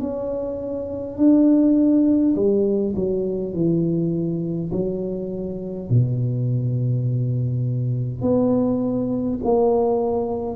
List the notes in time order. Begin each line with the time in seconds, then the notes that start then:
0.00 C#4
1.18 D4
2.36 G3
2.96 F#3
3.54 E3
4.72 F#3
5.90 B2
8.22 B3
9.44 A#3